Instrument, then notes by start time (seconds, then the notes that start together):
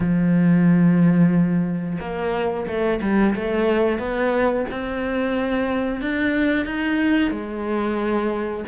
cello
0.00 F3
2.00 A#3
2.67 A3
3.01 G3
3.35 A3
3.98 B3
4.70 C4
6.01 D4
6.65 D#4
7.30 G#3